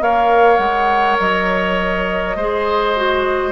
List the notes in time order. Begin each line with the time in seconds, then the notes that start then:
0.00 A#3 A#4 C#5 F5
0.57 G#3 F#5
1.19 F#3 D#5
2.36 G#3 G#4 C5
2.96 F#4